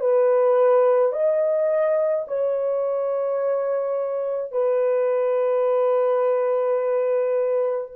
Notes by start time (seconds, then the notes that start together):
0.00 B4
1.12 D#5
2.27 C#5
4.51 B4